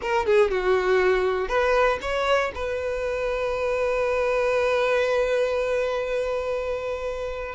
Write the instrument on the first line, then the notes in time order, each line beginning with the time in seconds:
violin
0.01 A#4
0.25 G#4
0.50 F#4
1.48 B4
2.01 C#5
2.54 B4